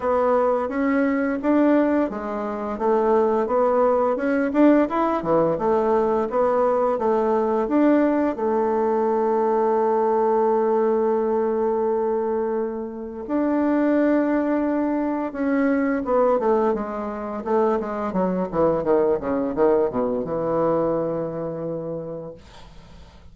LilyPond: \new Staff \with { instrumentName = "bassoon" } { \time 4/4 \tempo 4 = 86 b4 cis'4 d'4 gis4 | a4 b4 cis'8 d'8 e'8 e8 | a4 b4 a4 d'4 | a1~ |
a2. d'4~ | d'2 cis'4 b8 a8 | gis4 a8 gis8 fis8 e8 dis8 cis8 | dis8 b,8 e2. | }